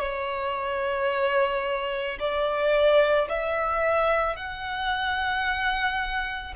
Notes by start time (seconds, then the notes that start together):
0.00 C#5
2.20 D5
3.30 E5
4.36 F#5